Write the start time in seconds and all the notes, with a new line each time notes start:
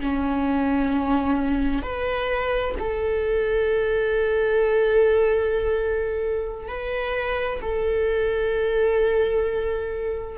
0.00 C#4
1.83 B4
2.79 A4
6.68 B4
7.62 A4